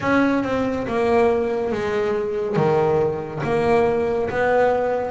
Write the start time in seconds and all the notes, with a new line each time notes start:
0.00 C#4
0.43 C4
0.87 A#3
1.71 G#3
2.56 D#3
3.43 A#3
4.29 B3